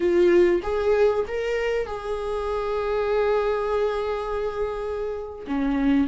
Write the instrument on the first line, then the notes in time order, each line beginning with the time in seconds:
viola
0.00 F4
0.62 G#4
1.27 A#4
1.86 G#4
5.47 C#4